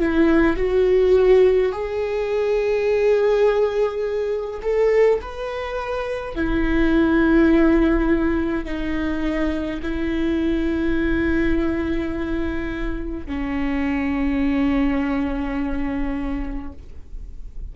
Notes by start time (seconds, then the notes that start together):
0.00 E4
0.57 F#4
1.73 G#4
4.63 A4
5.22 B4
6.36 E4
8.65 D#4
9.83 E4
13.27 C#4